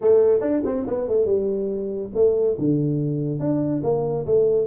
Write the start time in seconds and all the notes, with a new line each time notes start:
0.01 A3
0.40 D4
0.65 C4
0.86 B3
1.08 A3
1.25 G3
2.14 A3
2.58 D3
3.39 D4
3.83 A#3
4.26 A3